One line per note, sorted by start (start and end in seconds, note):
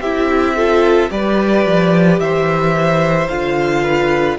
0.00 1.09 C4
0.00 0.57 E4
0.00 0.55 G4
0.00 1.10 E5
0.55 1.10 F4
0.55 1.10 A4
1.10 1.65 G3
1.10 3.28 G4
1.10 2.20 B4
1.10 2.20 D5
1.65 2.19 F3
2.19 3.28 E3
2.19 3.82 C5
2.19 3.28 E5
3.28 4.38 D3
3.28 4.38 F4
3.28 4.37 F5
3.82 4.37 B4